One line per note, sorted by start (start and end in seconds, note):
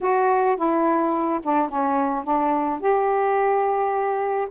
0.00 0.56 F#4
0.56 1.40 E4
1.42 1.68 D4
1.68 2.24 C#4
2.24 2.80 D4
2.80 4.48 G4